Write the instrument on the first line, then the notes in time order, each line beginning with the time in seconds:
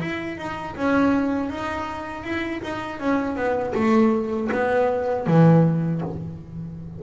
double bass
0.00 E4
0.37 D#4
0.76 C#4
1.49 D#4
2.24 E4
2.62 D#4
2.99 C#4
3.35 B3
3.74 A3
4.51 B3
5.26 E3